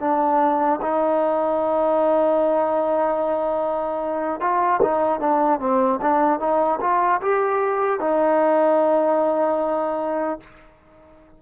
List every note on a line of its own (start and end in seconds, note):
0.00 0.80 D4
0.81 4.40 D#4
4.40 4.80 F4
4.82 5.20 D#4
5.20 5.60 D4
5.60 6.00 C4
6.01 6.40 D4
6.40 6.80 D#4
6.81 7.21 F4
7.22 8.00 G4
8.00 10.40 D#4